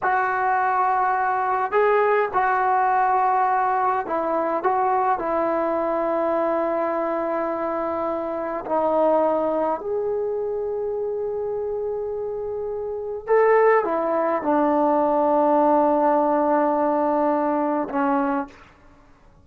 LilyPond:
\new Staff \with { instrumentName = "trombone" } { \time 4/4 \tempo 4 = 104 fis'2. gis'4 | fis'2. e'4 | fis'4 e'2.~ | e'2. dis'4~ |
dis'4 gis'2.~ | gis'2. a'4 | e'4 d'2.~ | d'2. cis'4 | }